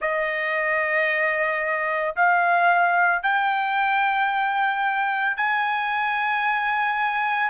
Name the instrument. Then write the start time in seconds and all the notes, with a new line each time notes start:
trumpet
0.01 D#5
2.16 F5
3.22 G5
5.36 G#5